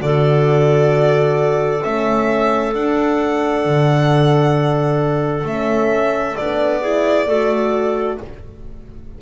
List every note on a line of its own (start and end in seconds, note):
0.00 1.83 D3
0.00 1.82 F#4
0.00 6.82 A4
0.00 1.84 D5
1.83 2.75 A3
1.83 2.74 C#4
1.83 2.74 E5
2.74 5.46 D4
2.74 3.66 D4
2.74 5.47 F#5
3.66 5.44 D3
5.44 6.35 A3
5.44 6.37 C#4
5.44 6.37 E5
6.37 7.28 B3
6.37 6.83 D4
6.37 8.19 D5
6.82 7.28 E4
6.82 7.27 G#4
7.27 8.19 A3
7.27 8.22 F#4
7.27 8.18 A4